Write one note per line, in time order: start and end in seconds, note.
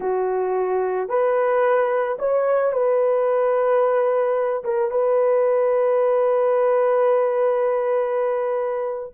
0.00 1.08 F#4
1.08 2.17 B4
2.18 2.72 C#5
2.72 4.63 B4
4.64 4.90 A#4
4.90 9.13 B4